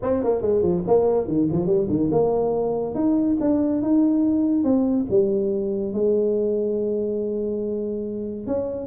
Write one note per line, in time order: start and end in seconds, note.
0.02 0.23 C4
0.23 0.41 A#3
0.41 0.62 G#3
0.62 0.83 F3
0.87 1.27 A#3
1.27 1.48 D#3
1.51 1.66 F3
1.66 1.87 G3
1.89 2.10 D#3
2.11 2.95 A#3
2.95 3.37 D#4
3.40 3.82 D4
3.82 4.63 D#4
4.63 5.06 C4
5.10 5.93 G3
5.93 8.46 G#3
8.46 8.86 C#4